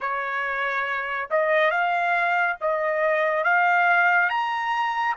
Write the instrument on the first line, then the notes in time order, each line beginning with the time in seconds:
trumpet
0.00 C#5
1.30 D#5
1.70 F5
2.60 D#5
3.44 F5
4.29 A#5